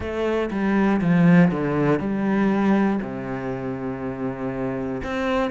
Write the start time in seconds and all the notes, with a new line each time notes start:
0.00 A3
0.50 G3
1.00 F3
1.50 D3
1.99 G3
3.01 C3
5.03 C4